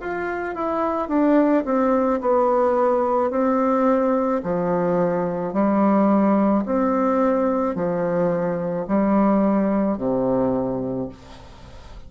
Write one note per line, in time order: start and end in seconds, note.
0.00 0.55 F4
0.55 1.09 E4
1.09 1.64 D4
1.65 2.21 C4
2.21 3.31 B3
3.31 4.42 C4
4.43 5.54 F3
5.54 6.65 G3
6.66 7.75 C4
7.75 8.86 F3
8.88 9.98 G3
9.98 11.09 C3